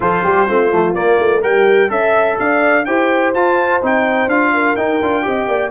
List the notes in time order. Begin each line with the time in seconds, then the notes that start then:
0.00 F3 F4 A4 C5
0.23 G3 G4
0.45 A3 C4 F4
0.71 F3 A3
0.94 A#3 D5
1.19 A3
1.41 G3 G4 A#4 G5
1.88 C#4 A4 E5
2.39 D4 D5 F5
2.85 E4 G4 C5 G5
3.34 F4 A5
3.82 C4 D#4 G5
4.27 D4 F4 F5
4.53 A#4
4.75 D#4 G5
5.02 D4 F4
5.22 C4 G4 D#5
5.47 A#3 D5